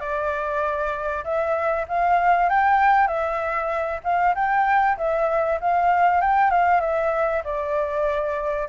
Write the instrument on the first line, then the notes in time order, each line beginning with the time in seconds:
flute
0.00 D5
1.24 E5
1.88 F5
2.49 G5
3.07 E5
4.04 F5
4.35 G5
4.97 E5
5.60 F5
6.21 G5
6.50 F5
6.81 E5
7.44 D5